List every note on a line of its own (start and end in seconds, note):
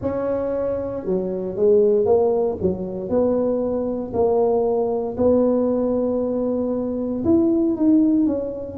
0.01 1.05 C#4
1.05 1.56 F#3
1.56 2.05 G#3
2.05 2.57 A#3
2.61 3.08 F#3
3.08 4.12 B3
4.13 5.16 A#3
5.17 7.24 B3
7.24 7.76 E4
7.76 8.26 D#4
8.26 8.77 C#4